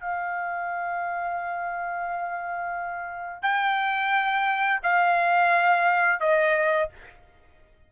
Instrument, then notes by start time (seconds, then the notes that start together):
trumpet
0.00 F5
3.43 G5
4.83 F5
6.21 D#5